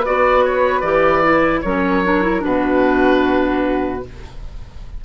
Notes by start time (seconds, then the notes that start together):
0.00 F#4 B4 D5
0.07 B3
0.45 C#5
0.81 E3 G4 D5
1.24 E4
1.61 F#3 C#4 A#4 C#5
2.04 D4
2.23 E4
2.41 B2 D4 F#4 B4